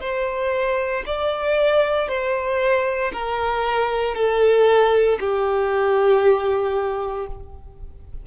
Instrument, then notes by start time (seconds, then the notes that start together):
violin
0.00 C5
1.06 D5
2.08 C5
3.12 A#4
4.15 A4
5.20 G4